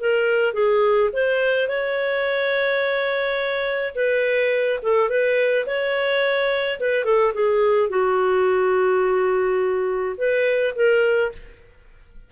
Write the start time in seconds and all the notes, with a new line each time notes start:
0.00 A#4
0.54 G#4
1.13 C5
1.69 C#5
3.95 B4
4.83 A4
5.10 B4
5.67 C#5
6.80 B4
7.05 A4
7.34 G#4
7.90 F#4
10.18 B4
10.76 A#4